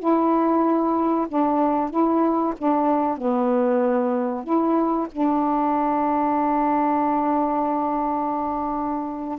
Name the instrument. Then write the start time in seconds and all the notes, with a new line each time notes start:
saxophone
0.00 E4
1.29 D4
1.90 E4
2.58 D4
3.18 B3
4.44 E4
5.12 D4